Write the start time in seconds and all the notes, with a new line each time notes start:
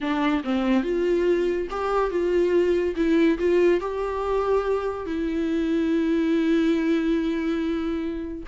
0.00 D4
0.44 C4
0.83 F4
1.70 G4
2.10 F4
2.95 E4
3.38 F4
3.80 G4
5.06 E4